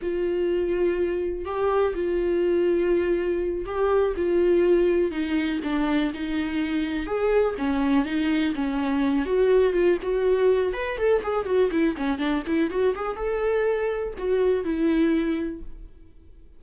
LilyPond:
\new Staff \with { instrumentName = "viola" } { \time 4/4 \tempo 4 = 123 f'2. g'4 | f'2.~ f'8 g'8~ | g'8 f'2 dis'4 d'8~ | d'8 dis'2 gis'4 cis'8~ |
cis'8 dis'4 cis'4. fis'4 | f'8 fis'4. b'8 a'8 gis'8 fis'8 | e'8 cis'8 d'8 e'8 fis'8 gis'8 a'4~ | a'4 fis'4 e'2 | }